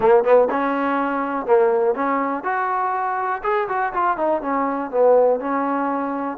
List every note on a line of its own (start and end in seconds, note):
0.00 0.23 A#3
0.23 0.48 B3
0.50 1.46 C#4
1.46 1.94 A#3
1.94 2.43 C#4
2.43 3.42 F#4
3.43 3.68 G#4
3.68 3.93 F#4
3.93 4.17 F4
4.17 4.41 D#4
4.41 4.90 C#4
4.90 5.40 B3
5.40 6.38 C#4